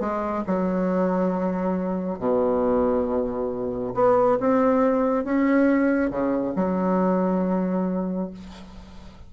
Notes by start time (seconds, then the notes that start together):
0.00 G#3
0.47 F#3
2.19 B2
3.94 B3
4.40 C4
5.24 C#4
6.10 C#3
6.56 F#3